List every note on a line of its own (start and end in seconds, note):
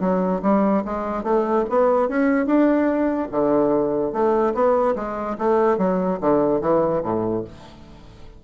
0.00 0.41 F#3
0.42 0.83 G3
0.85 1.23 G#3
1.23 1.64 A3
1.69 2.08 B3
2.08 2.46 C#4
2.46 3.28 D4
3.31 4.12 D3
4.12 4.53 A3
4.54 4.95 B3
4.95 5.36 G#3
5.38 5.78 A3
5.78 6.19 F#3
6.20 6.61 D3
6.61 7.02 E3
7.03 7.44 A2